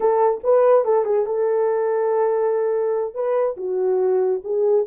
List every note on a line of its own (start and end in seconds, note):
0.00 0.41 A4
0.43 0.85 B4
0.85 1.04 A4
1.04 1.26 G#4
1.26 3.14 A4
3.14 3.56 B4
3.56 4.41 F#4
4.44 4.86 G#4